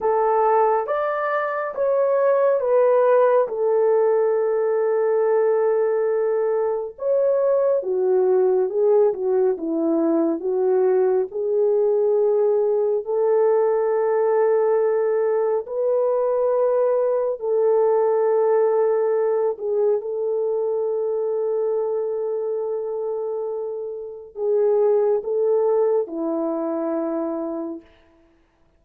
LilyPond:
\new Staff \with { instrumentName = "horn" } { \time 4/4 \tempo 4 = 69 a'4 d''4 cis''4 b'4 | a'1 | cis''4 fis'4 gis'8 fis'8 e'4 | fis'4 gis'2 a'4~ |
a'2 b'2 | a'2~ a'8 gis'8 a'4~ | a'1 | gis'4 a'4 e'2 | }